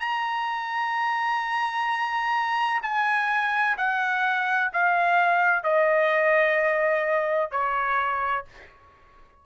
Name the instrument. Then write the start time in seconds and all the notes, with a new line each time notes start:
trumpet
0.00 A#5
2.83 G#5
3.77 F#5
4.73 F5
5.63 D#5
7.51 C#5